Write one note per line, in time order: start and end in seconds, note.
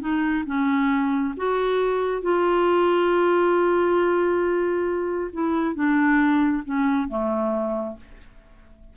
0.00 0.44 D#4
0.46 1.34 C#4
1.37 2.22 F#4
2.22 5.31 F4
5.33 5.75 E4
5.75 6.63 D4
6.64 7.08 C#4
7.08 7.96 A3